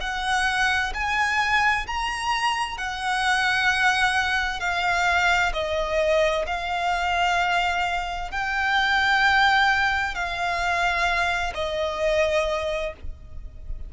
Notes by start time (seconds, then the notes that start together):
0.00 F#5
0.94 G#5
1.86 A#5
2.77 F#5
4.59 F5
5.53 D#5
6.46 F5
8.31 G5
10.15 F5
11.54 D#5